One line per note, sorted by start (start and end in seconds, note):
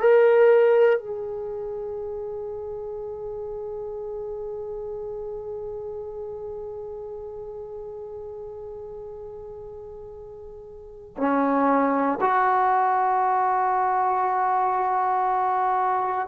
0.00 0.99 A#4
0.99 11.16 G#4
11.17 12.18 C#4
12.20 16.27 F#4